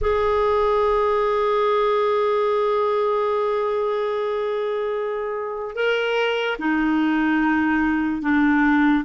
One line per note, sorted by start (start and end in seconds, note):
0.01 5.75 G#4
5.75 6.57 A#4
6.58 8.22 D#4
8.22 9.04 D4